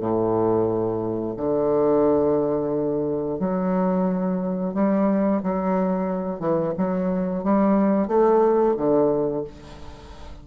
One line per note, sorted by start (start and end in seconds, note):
0.00 1.35 A2
1.37 3.39 D3
3.39 4.74 F#3
4.74 5.41 G3
5.43 6.40 F#3
6.40 6.73 E3
6.78 7.44 F#3
7.44 8.07 G3
8.07 8.75 A3
8.76 9.44 D3